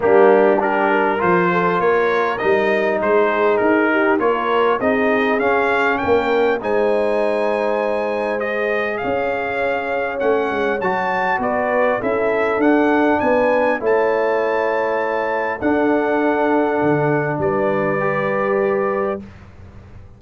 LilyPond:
<<
  \new Staff \with { instrumentName = "trumpet" } { \time 4/4 \tempo 4 = 100 g'4 ais'4 c''4 cis''4 | dis''4 c''4 ais'4 cis''4 | dis''4 f''4 g''4 gis''4~ | gis''2 dis''4 f''4~ |
f''4 fis''4 a''4 d''4 | e''4 fis''4 gis''4 a''4~ | a''2 fis''2~ | fis''4 d''2. | }
  \new Staff \with { instrumentName = "horn" } { \time 4/4 d'4 g'8 ais'4 a'8 ais'4~ | ais'4 gis'4. g'8 ais'4 | gis'2 ais'4 c''4~ | c''2. cis''4~ |
cis''2. b'4 | a'2 b'4 cis''4~ | cis''2 a'2~ | a'4 b'2. | }
  \new Staff \with { instrumentName = "trombone" } { \time 4/4 ais4 d'4 f'2 | dis'2. f'4 | dis'4 cis'2 dis'4~ | dis'2 gis'2~ |
gis'4 cis'4 fis'2 | e'4 d'2 e'4~ | e'2 d'2~ | d'2 g'2 | }
  \new Staff \with { instrumentName = "tuba" } { \time 4/4 g2 f4 ais4 | g4 gis4 dis'4 ais4 | c'4 cis'4 ais4 gis4~ | gis2. cis'4~ |
cis'4 a8 gis8 fis4 b4 | cis'4 d'4 b4 a4~ | a2 d'2 | d4 g2. | }
>>